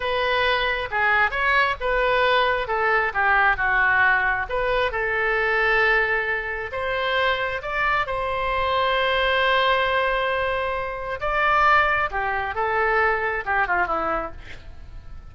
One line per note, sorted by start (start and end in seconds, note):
0.00 0.88 B4
0.90 1.30 G#4
1.30 1.75 C#5
1.80 2.67 B4
2.67 3.12 A4
3.13 3.56 G4
3.56 4.46 F#4
4.49 4.91 B4
4.91 6.70 A4
6.71 7.61 C5
7.62 8.06 D5
8.06 11.19 C5
11.20 12.10 D5
12.10 12.54 G4
12.54 13.44 A4
13.45 13.67 G4
13.67 13.87 F4
13.87 14.31 E4